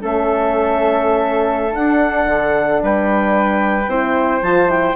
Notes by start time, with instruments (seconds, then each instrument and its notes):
0.00 bassoon A3, horn C#4, flute A4, clarinet E5
1.70 horn D4, clarinet F#5
1.76 bassoon D4
2.26 bassoon D3
2.83 bassoon G3, flute B4, clarinet G5
3.87 bassoon C4, horn E4, flute C5
4.42 bassoon F3, horn F4, clarinet A5
4.68 horn E4, clarinet G5